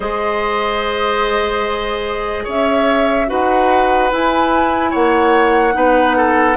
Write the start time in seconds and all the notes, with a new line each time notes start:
0.00 G#3 G#4 C5 D#5
2.44 C#4 C#5 E5
3.27 D#4 F#4 B4 F#5
4.11 E4 G#5
4.90 A#3 C#5 F#5
5.72 B3 D#4 B4
6.16 A4